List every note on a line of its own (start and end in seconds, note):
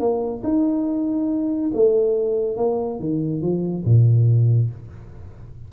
0.00 0.43 A#3
0.44 1.72 D#4
1.75 2.57 A3
2.57 3.00 A#3
3.00 3.42 D#3
3.42 3.85 F3
3.85 4.71 A#2